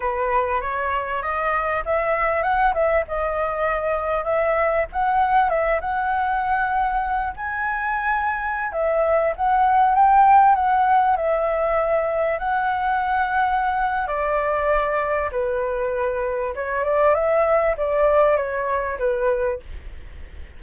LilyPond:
\new Staff \with { instrumentName = "flute" } { \time 4/4 \tempo 4 = 98 b'4 cis''4 dis''4 e''4 | fis''8 e''8 dis''2 e''4 | fis''4 e''8 fis''2~ fis''8 | gis''2~ gis''16 e''4 fis''8.~ |
fis''16 g''4 fis''4 e''4.~ e''16~ | e''16 fis''2~ fis''8. d''4~ | d''4 b'2 cis''8 d''8 | e''4 d''4 cis''4 b'4 | }